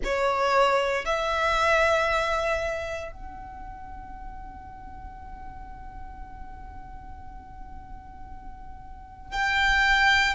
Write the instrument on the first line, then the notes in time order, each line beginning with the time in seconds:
violin
0.03 C#5
1.05 E5
3.11 F#5
9.32 G5